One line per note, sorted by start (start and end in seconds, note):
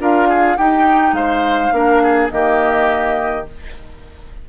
0.00 0.58 D4
0.00 0.58 F4
0.00 0.29 A#4
0.00 0.58 F5
0.29 0.58 G#4
0.58 1.13 D#4
0.58 1.73 D#4
0.58 1.15 G4
0.58 1.15 G5
1.13 1.71 G#3
1.13 1.74 C5
1.13 2.30 F5
1.72 2.30 A#3
1.72 2.30 D4
1.72 2.03 A#4
2.03 2.32 G#4
2.30 3.48 D#3
2.30 3.46 A#3
2.30 3.49 G4
2.30 3.46 D#5